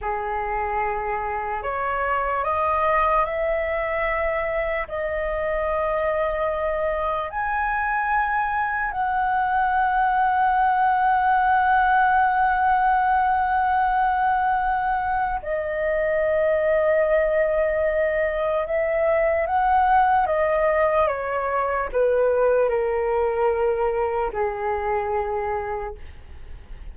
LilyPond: \new Staff \with { instrumentName = "flute" } { \time 4/4 \tempo 4 = 74 gis'2 cis''4 dis''4 | e''2 dis''2~ | dis''4 gis''2 fis''4~ | fis''1~ |
fis''2. dis''4~ | dis''2. e''4 | fis''4 dis''4 cis''4 b'4 | ais'2 gis'2 | }